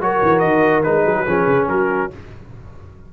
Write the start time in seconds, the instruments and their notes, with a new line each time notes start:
0.00 tuba F#3, trombone F#4, horn A#4, trumpet C#5
0.22 tuba E3
0.39 tuba D#3, trumpet D#5
0.83 tuba G#3, trombone D#4, trumpet B4
1.05 tuba F#3, horn G#4
1.15 horn F#4
1.26 tuba F3, trombone C#4, horn G#4
1.47 tuba C#3
1.68 tuba F#3, horn F#4, trumpet A#4